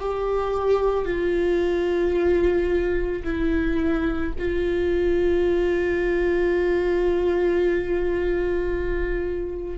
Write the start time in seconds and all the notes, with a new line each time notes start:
0.00 G4
1.05 F4
3.24 E4
4.39 F4